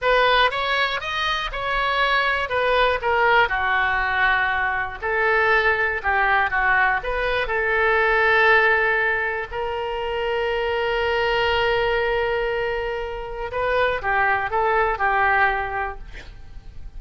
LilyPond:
\new Staff \with { instrumentName = "oboe" } { \time 4/4 \tempo 4 = 120 b'4 cis''4 dis''4 cis''4~ | cis''4 b'4 ais'4 fis'4~ | fis'2 a'2 | g'4 fis'4 b'4 a'4~ |
a'2. ais'4~ | ais'1~ | ais'2. b'4 | g'4 a'4 g'2 | }